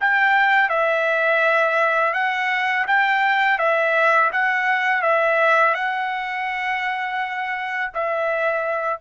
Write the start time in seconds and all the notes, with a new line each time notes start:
0.00 G5
0.69 E5
2.13 F#5
2.87 G5
3.58 E5
4.32 F#5
5.02 E5
5.74 F#5
7.94 E5